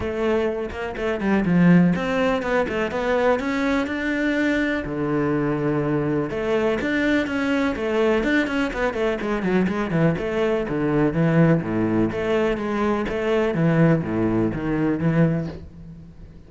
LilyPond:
\new Staff \with { instrumentName = "cello" } { \time 4/4 \tempo 4 = 124 a4. ais8 a8 g8 f4 | c'4 b8 a8 b4 cis'4 | d'2 d2~ | d4 a4 d'4 cis'4 |
a4 d'8 cis'8 b8 a8 gis8 fis8 | gis8 e8 a4 d4 e4 | a,4 a4 gis4 a4 | e4 a,4 dis4 e4 | }